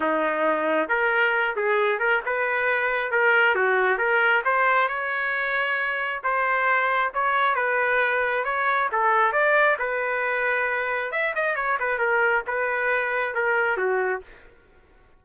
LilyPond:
\new Staff \with { instrumentName = "trumpet" } { \time 4/4 \tempo 4 = 135 dis'2 ais'4. gis'8~ | gis'8 ais'8 b'2 ais'4 | fis'4 ais'4 c''4 cis''4~ | cis''2 c''2 |
cis''4 b'2 cis''4 | a'4 d''4 b'2~ | b'4 e''8 dis''8 cis''8 b'8 ais'4 | b'2 ais'4 fis'4 | }